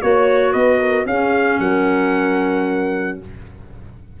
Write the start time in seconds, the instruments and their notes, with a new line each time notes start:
0.00 tuba A#3, clarinet F#4, horn C#5, trumpet C#5
0.51 tuba B3, horn B4, trumpet D#5
0.79 horn A#4
1.05 tuba C#4, clarinet C#4, horn G#4, trumpet F5
1.59 tuba F#3, horn A#4, trumpet F#5